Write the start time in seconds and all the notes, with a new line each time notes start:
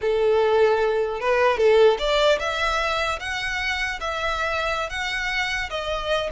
0.01 A4
1.20 B4
1.57 A4
1.98 D5
2.39 E5
3.19 F#5
4.00 E5
4.89 F#5
5.69 D#5